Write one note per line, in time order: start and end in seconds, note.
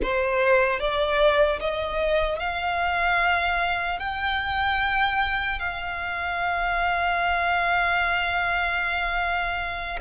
0.02 0.79 C5
0.79 1.59 D5
1.60 2.39 D#5
2.39 3.99 F5
3.99 5.59 G5
5.59 9.99 F5